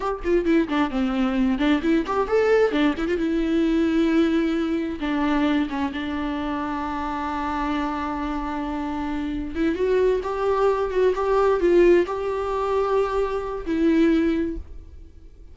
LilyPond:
\new Staff \with { instrumentName = "viola" } { \time 4/4 \tempo 4 = 132 g'8 f'8 e'8 d'8 c'4. d'8 | e'8 g'8 a'4 d'8 e'16 f'16 e'4~ | e'2. d'4~ | d'8 cis'8 d'2.~ |
d'1~ | d'4 e'8 fis'4 g'4. | fis'8 g'4 f'4 g'4.~ | g'2 e'2 | }